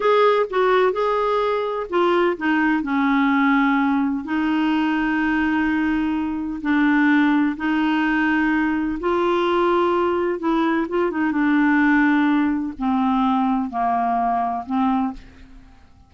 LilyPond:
\new Staff \with { instrumentName = "clarinet" } { \time 4/4 \tempo 4 = 127 gis'4 fis'4 gis'2 | f'4 dis'4 cis'2~ | cis'4 dis'2.~ | dis'2 d'2 |
dis'2. f'4~ | f'2 e'4 f'8 dis'8 | d'2. c'4~ | c'4 ais2 c'4 | }